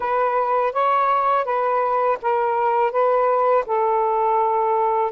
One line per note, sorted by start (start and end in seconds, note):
0.00 0.73 B4
0.73 1.44 C#5
1.44 2.18 B4
2.22 2.91 A#4
2.91 3.64 B4
3.66 5.11 A4